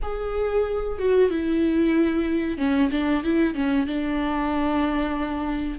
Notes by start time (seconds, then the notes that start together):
0.02 G#4
0.98 F#4
1.30 E4
2.57 C#4
2.91 D4
3.23 E4
3.54 C#4
3.87 D4